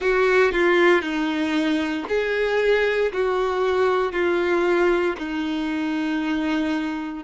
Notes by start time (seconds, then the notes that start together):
0.00 F#4
0.52 F4
1.01 D#4
2.08 G#4
3.12 F#4
4.12 F4
5.18 D#4